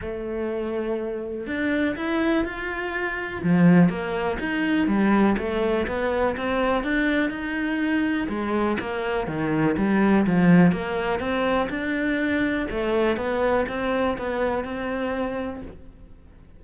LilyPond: \new Staff \with { instrumentName = "cello" } { \time 4/4 \tempo 4 = 123 a2. d'4 | e'4 f'2 f4 | ais4 dis'4 g4 a4 | b4 c'4 d'4 dis'4~ |
dis'4 gis4 ais4 dis4 | g4 f4 ais4 c'4 | d'2 a4 b4 | c'4 b4 c'2 | }